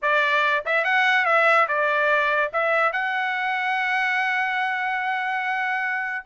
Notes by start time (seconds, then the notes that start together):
0.02 D5
0.65 E5
0.84 F#5
1.25 E5
1.68 D5
2.52 E5
2.92 F#5